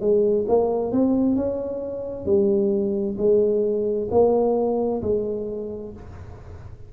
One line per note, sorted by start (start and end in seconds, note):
0.00 0.45 G#3
0.48 0.92 A#3
0.92 1.36 C4
1.36 2.25 C#4
2.25 3.16 G3
3.17 4.08 G#3
4.10 5.01 A#3
5.02 5.93 G#3